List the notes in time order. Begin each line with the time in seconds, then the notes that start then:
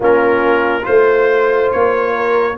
0.00 A#3 C#4 F4 A#4
0.81 A3 F4 C5
1.71 A#3 C#5
2.14 A#4